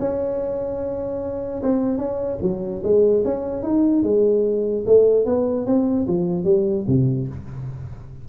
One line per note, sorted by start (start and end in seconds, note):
0.00 1.62 C#4
1.63 1.98 C4
1.98 2.39 C#4
2.42 2.83 F#3
2.84 3.24 G#3
3.25 3.63 C#4
3.63 4.04 D#4
4.04 4.85 G#3
4.86 5.26 A3
5.26 5.66 B3
5.66 6.07 C4
6.08 6.45 F3
6.45 6.85 G3
6.88 7.28 C3